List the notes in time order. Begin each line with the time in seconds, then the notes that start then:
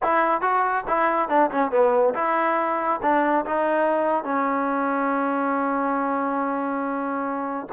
0.02 E4
0.41 F#4
0.87 E4
1.28 D4
1.50 C#4
1.71 B3
2.14 E4
3.02 D4
3.45 D#4
4.24 C#4